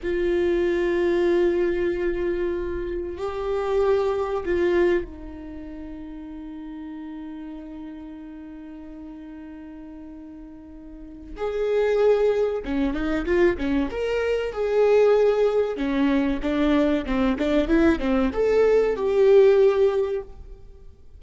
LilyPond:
\new Staff \with { instrumentName = "viola" } { \time 4/4 \tempo 4 = 95 f'1~ | f'4 g'2 f'4 | dis'1~ | dis'1~ |
dis'2 gis'2 | cis'8 dis'8 f'8 cis'8 ais'4 gis'4~ | gis'4 cis'4 d'4 c'8 d'8 | e'8 c'8 a'4 g'2 | }